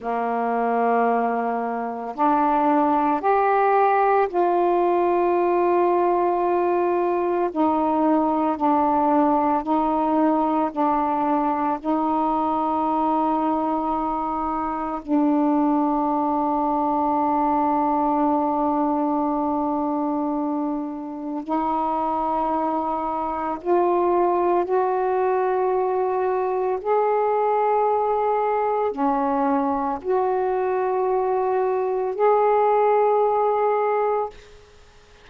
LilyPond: \new Staff \with { instrumentName = "saxophone" } { \time 4/4 \tempo 4 = 56 ais2 d'4 g'4 | f'2. dis'4 | d'4 dis'4 d'4 dis'4~ | dis'2 d'2~ |
d'1 | dis'2 f'4 fis'4~ | fis'4 gis'2 cis'4 | fis'2 gis'2 | }